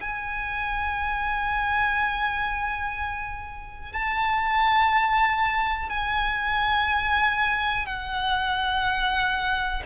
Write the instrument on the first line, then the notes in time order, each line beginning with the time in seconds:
violin
0.00 G#5
3.93 A5
5.89 G#5
7.86 F#5